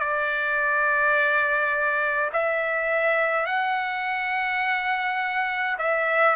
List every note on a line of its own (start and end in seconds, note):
0.00 2.31 D5
2.33 3.47 E5
3.47 5.77 F#5
5.78 6.36 E5